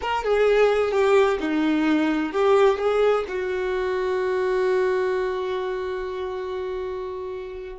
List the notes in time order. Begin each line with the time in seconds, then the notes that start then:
0.01 A#4
0.24 G#4
0.91 G4
1.40 D#4
2.32 G4
2.78 G#4
3.28 F#4